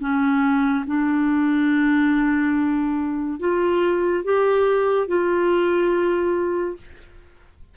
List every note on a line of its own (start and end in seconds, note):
0.00 0.85 C#4
0.87 3.40 D4
3.40 4.24 F4
4.24 5.07 G4
5.07 6.76 F4